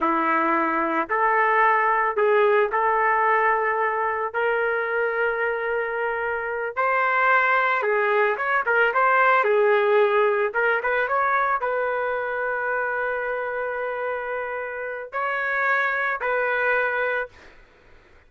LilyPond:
\new Staff \with { instrumentName = "trumpet" } { \time 4/4 \tempo 4 = 111 e'2 a'2 | gis'4 a'2. | ais'1~ | ais'8 c''2 gis'4 cis''8 |
ais'8 c''4 gis'2 ais'8 | b'8 cis''4 b'2~ b'8~ | b'1 | cis''2 b'2 | }